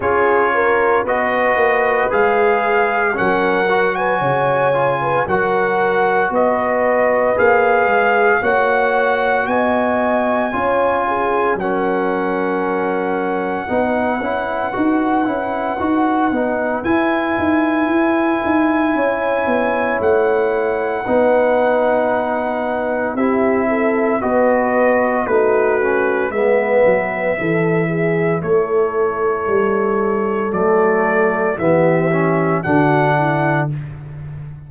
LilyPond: <<
  \new Staff \with { instrumentName = "trumpet" } { \time 4/4 \tempo 4 = 57 cis''4 dis''4 f''4 fis''8. gis''16~ | gis''4 fis''4 dis''4 f''4 | fis''4 gis''2 fis''4~ | fis''1 |
gis''2. fis''4~ | fis''2 e''4 dis''4 | b'4 e''2 cis''4~ | cis''4 d''4 e''4 fis''4 | }
  \new Staff \with { instrumentName = "horn" } { \time 4/4 gis'8 ais'8 b'2 ais'8. b'16 | cis''8. b'16 ais'4 b'2 | cis''4 dis''4 cis''8 gis'8 ais'4~ | ais'4 b'2.~ |
b'2 cis''2 | b'2 g'8 a'8 b'4 | fis'4 b'4 a'8 gis'8 a'4~ | a'2 g'4 fis'8 e'8 | }
  \new Staff \with { instrumentName = "trombone" } { \time 4/4 f'4 fis'4 gis'4 cis'8 fis'8~ | fis'8 f'8 fis'2 gis'4 | fis'2 f'4 cis'4~ | cis'4 dis'8 e'8 fis'8 e'8 fis'8 dis'8 |
e'1 | dis'2 e'4 fis'4 | dis'8 cis'8 b4 e'2~ | e'4 a4 b8 cis'8 d'4 | }
  \new Staff \with { instrumentName = "tuba" } { \time 4/4 cis'4 b8 ais8 gis4 fis4 | cis4 fis4 b4 ais8 gis8 | ais4 b4 cis'4 fis4~ | fis4 b8 cis'8 dis'8 cis'8 dis'8 b8 |
e'8 dis'8 e'8 dis'8 cis'8 b8 a4 | b2 c'4 b4 | a4 gis8 fis8 e4 a4 | g4 fis4 e4 d4 | }
>>